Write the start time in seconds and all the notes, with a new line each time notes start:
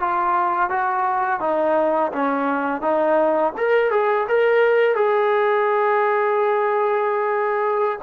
0.00 F4
0.70 F#4
1.41 D#4
2.12 C#4
2.82 D#4
3.58 A#4
3.91 G#4
4.29 A#4
4.96 G#4